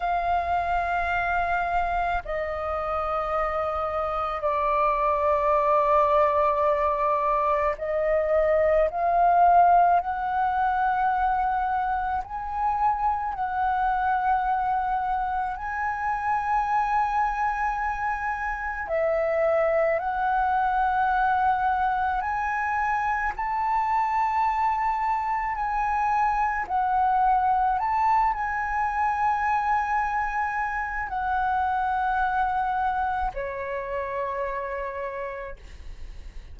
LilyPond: \new Staff \with { instrumentName = "flute" } { \time 4/4 \tempo 4 = 54 f''2 dis''2 | d''2. dis''4 | f''4 fis''2 gis''4 | fis''2 gis''2~ |
gis''4 e''4 fis''2 | gis''4 a''2 gis''4 | fis''4 a''8 gis''2~ gis''8 | fis''2 cis''2 | }